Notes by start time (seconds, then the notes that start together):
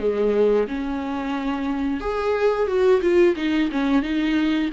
0.00 G#3
0.68 C#4
2.01 G#4
2.68 F#4
3.02 F4
3.36 D#4
3.72 C#4
4.03 D#4